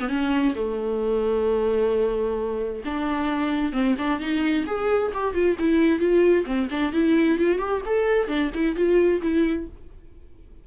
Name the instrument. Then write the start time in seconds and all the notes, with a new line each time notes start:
viola
0.00 B3
0.09 C#4
0.56 A3
2.86 D4
3.73 C4
3.99 D4
4.20 D#4
4.67 G#4
5.14 G4
5.35 F4
5.60 E4
6.00 F4
6.46 C4
6.71 D4
6.93 E4
7.39 F4
7.59 G4
7.86 A4
8.28 D4
8.55 E4
8.76 F4
9.22 E4